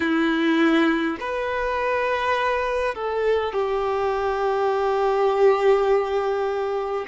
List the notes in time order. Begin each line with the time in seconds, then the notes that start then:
0.00 E4
1.20 B4
2.94 A4
3.52 G4